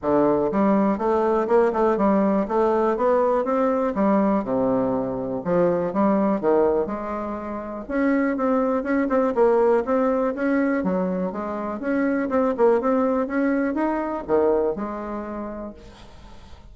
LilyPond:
\new Staff \with { instrumentName = "bassoon" } { \time 4/4 \tempo 4 = 122 d4 g4 a4 ais8 a8 | g4 a4 b4 c'4 | g4 c2 f4 | g4 dis4 gis2 |
cis'4 c'4 cis'8 c'8 ais4 | c'4 cis'4 fis4 gis4 | cis'4 c'8 ais8 c'4 cis'4 | dis'4 dis4 gis2 | }